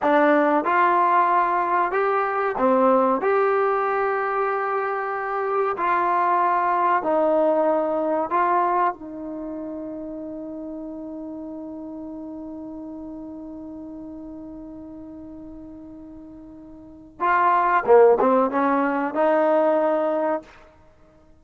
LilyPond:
\new Staff \with { instrumentName = "trombone" } { \time 4/4 \tempo 4 = 94 d'4 f'2 g'4 | c'4 g'2.~ | g'4 f'2 dis'4~ | dis'4 f'4 dis'2~ |
dis'1~ | dis'1~ | dis'2. f'4 | ais8 c'8 cis'4 dis'2 | }